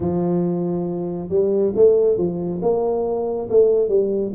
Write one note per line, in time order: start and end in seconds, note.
0.00 1.29 F3
1.29 1.72 G3
1.75 2.17 A3
2.17 2.60 F3
2.61 3.48 A#3
3.50 3.88 A3
3.88 4.32 G3